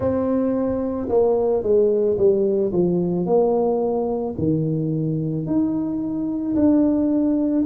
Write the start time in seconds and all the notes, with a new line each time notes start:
0.00 C4
1.09 A#3
1.62 G#3
2.17 G3
2.72 F3
3.25 A#3
4.37 D#3
5.46 D#4
6.55 D4